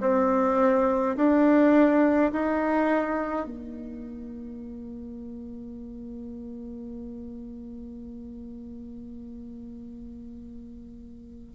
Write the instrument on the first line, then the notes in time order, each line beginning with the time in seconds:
bassoon
0.00 C4
1.16 D4
2.32 D#4
3.45 A#3